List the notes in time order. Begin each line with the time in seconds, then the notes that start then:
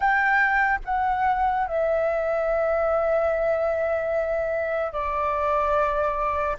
0.00 G5
0.84 F#5
1.67 E5
4.92 D5